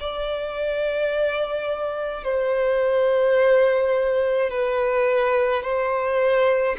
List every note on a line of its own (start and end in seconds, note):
0.00 2.24 D5
2.24 4.50 C5
4.50 5.62 B4
5.62 6.76 C5